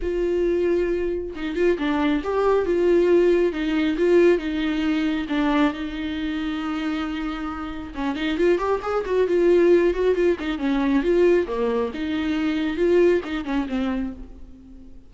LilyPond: \new Staff \with { instrumentName = "viola" } { \time 4/4 \tempo 4 = 136 f'2. dis'8 f'8 | d'4 g'4 f'2 | dis'4 f'4 dis'2 | d'4 dis'2.~ |
dis'2 cis'8 dis'8 f'8 g'8 | gis'8 fis'8 f'4. fis'8 f'8 dis'8 | cis'4 f'4 ais4 dis'4~ | dis'4 f'4 dis'8 cis'8 c'4 | }